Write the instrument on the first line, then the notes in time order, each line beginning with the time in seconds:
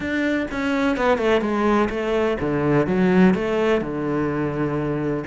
cello
0.00 D4
0.51 C#4
0.97 B3
1.18 A3
1.41 G#3
1.89 A3
2.40 D3
2.87 F#3
3.34 A3
3.81 D3